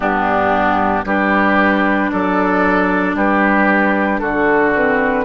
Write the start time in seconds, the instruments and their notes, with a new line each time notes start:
0.00 bassoon G2, clarinet B3, oboe D4, flute G4
1.05 bassoon G3, clarinet D4, oboe G4, flute B4
2.11 bassoon F#3, oboe A4, flute D5
3.14 bassoon G3, oboe G4, flute B4
4.19 bassoon D3, oboe F#4, flute A4
4.74 clarinet C4, flute B4